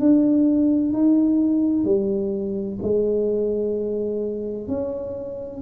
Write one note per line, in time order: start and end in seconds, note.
0.00 0.93 D4
0.93 1.85 D#4
1.85 2.79 G3
2.82 4.68 G#3
4.68 5.62 C#4